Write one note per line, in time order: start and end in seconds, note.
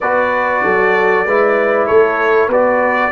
0.01 0.64 B3
0.01 1.27 F#4
0.01 0.63 B4
0.01 1.86 D5
0.63 1.26 F#3
0.63 1.26 A4
1.26 1.88 G#3
1.26 2.51 E4
1.26 1.87 B4
1.86 2.48 A3
1.86 2.47 A4
1.86 2.49 C#5
2.47 3.10 B3
2.47 3.11 F#4
2.47 3.10 B4
2.47 3.11 D5